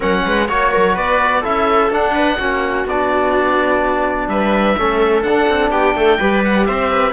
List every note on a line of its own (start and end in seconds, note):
0.00 0.25 F#3
0.00 0.48 C#4
0.00 0.22 A#4
0.00 0.49 F#5
0.25 0.48 G#3
0.25 0.48 B4
0.48 0.72 A#3
0.48 1.43 F#4
0.48 0.70 C#5
0.48 0.97 C#5
0.70 0.94 A#4
0.76 0.96 F#3
0.94 1.44 B3
0.94 1.39 B4
0.94 1.44 D5
1.39 1.90 C#4
1.39 1.91 E4
1.39 2.11 A4
1.39 1.92 E5
1.90 2.38 D4
1.90 2.39 D4
1.90 2.88 F#5
2.14 2.36 B4
2.36 2.85 A#3
2.36 2.87 C#4
2.36 4.27 F#4
2.85 4.27 B3
2.85 4.77 D4
2.85 4.28 D5
4.27 4.75 G3
4.27 4.77 B4
4.27 5.22 E5
4.77 5.23 A3
4.77 5.24 C#4
4.77 5.71 A4
5.22 5.47 D4
5.22 6.19 D4
5.22 5.70 F#5
5.48 5.70 C4
5.70 5.94 B3
5.70 5.95 G4
5.70 6.42 G5
5.94 6.18 A3
5.94 6.18 A4
6.18 6.68 G3
6.18 7.13 G4
6.18 6.66 B4
6.44 6.66 F#5
6.66 7.13 C4
6.66 6.90 C5
6.66 7.13 E5
6.90 7.13 B4